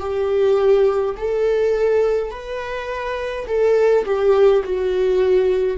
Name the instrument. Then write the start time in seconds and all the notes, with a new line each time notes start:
viola
0.00 G4
1.17 A4
2.31 B4
3.47 A4
4.05 G4
4.64 F#4